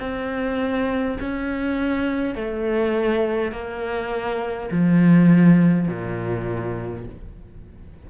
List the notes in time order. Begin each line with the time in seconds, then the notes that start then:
0.00 C4
1.20 C#4
2.35 A3
3.52 A#3
4.71 F3
5.88 A#2